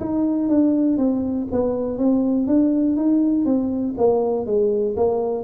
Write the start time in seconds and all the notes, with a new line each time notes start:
0.00 D#4
0.49 D4
0.98 C4
1.51 B3
1.98 C4
2.47 D4
2.97 D#4
3.45 C4
3.98 A#3
4.46 G#3
4.96 A#3